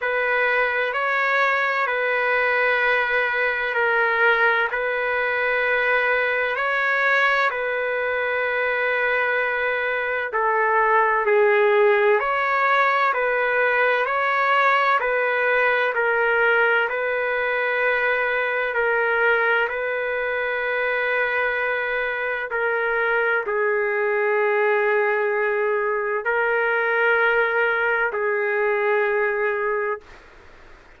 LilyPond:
\new Staff \with { instrumentName = "trumpet" } { \time 4/4 \tempo 4 = 64 b'4 cis''4 b'2 | ais'4 b'2 cis''4 | b'2. a'4 | gis'4 cis''4 b'4 cis''4 |
b'4 ais'4 b'2 | ais'4 b'2. | ais'4 gis'2. | ais'2 gis'2 | }